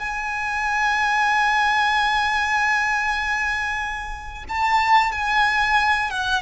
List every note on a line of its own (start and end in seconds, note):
0.00 4.45 G#5
4.49 5.12 A5
5.12 6.11 G#5
6.11 6.43 F#5